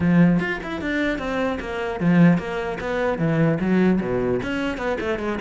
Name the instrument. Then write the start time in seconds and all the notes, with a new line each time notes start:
cello
0.00 F3
0.39 F4
0.63 E4
0.81 D4
1.18 C4
1.59 A#3
1.99 F3
2.37 A#3
2.80 B3
3.18 E3
3.60 F#3
4.00 B2
4.42 C#4
4.77 B3
5.00 A3
5.19 G#3